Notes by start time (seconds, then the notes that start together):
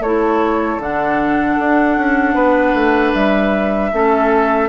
0.00 A3 E4 A4 C#5
0.78 D3 D4 F#5
1.59 D4
1.97 C#4
2.34 B3 B4
2.74 A3
3.14 G3 E5
3.93 A3 C#4 A4